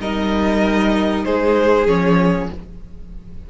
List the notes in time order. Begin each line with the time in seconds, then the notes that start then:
0.00 G3 D#4 A#4 D#5
1.25 G#3 G#4 C5
1.87 F3 C#4 C#5